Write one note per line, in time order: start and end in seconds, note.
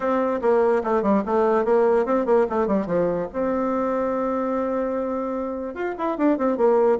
0.00 0.40 C4
0.41 0.82 A#3
0.83 1.02 A3
1.02 1.23 G3
1.25 1.64 A3
1.64 2.05 A#3
2.05 2.25 C4
2.25 2.46 A#3
2.49 2.67 A3
2.67 2.86 G3
2.86 3.27 F3
3.33 5.74 C4
5.74 5.95 F4
5.98 6.17 E4
6.17 6.38 D4
6.38 6.57 C4
6.57 6.98 A#3